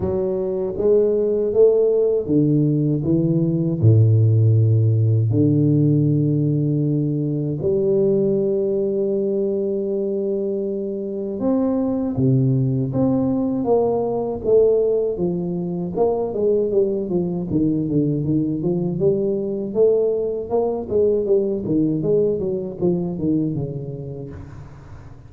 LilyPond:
\new Staff \with { instrumentName = "tuba" } { \time 4/4 \tempo 4 = 79 fis4 gis4 a4 d4 | e4 a,2 d4~ | d2 g2~ | g2. c'4 |
c4 c'4 ais4 a4 | f4 ais8 gis8 g8 f8 dis8 d8 | dis8 f8 g4 a4 ais8 gis8 | g8 dis8 gis8 fis8 f8 dis8 cis4 | }